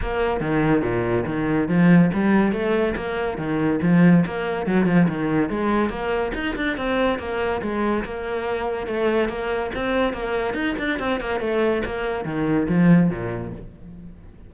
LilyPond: \new Staff \with { instrumentName = "cello" } { \time 4/4 \tempo 4 = 142 ais4 dis4 ais,4 dis4 | f4 g4 a4 ais4 | dis4 f4 ais4 fis8 f8 | dis4 gis4 ais4 dis'8 d'8 |
c'4 ais4 gis4 ais4~ | ais4 a4 ais4 c'4 | ais4 dis'8 d'8 c'8 ais8 a4 | ais4 dis4 f4 ais,4 | }